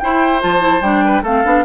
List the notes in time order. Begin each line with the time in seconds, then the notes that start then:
0.00 E4 C5 G5
0.40 F3 F4 A5
0.60 E4
0.82 G3 D4 G5
1.05 B4
1.23 A3 C4 A4 F5
1.45 B3 D4